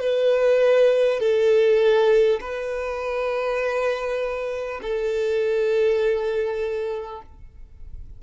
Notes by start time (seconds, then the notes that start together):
0.00 B4
1.20 A4
2.41 B4
4.82 A4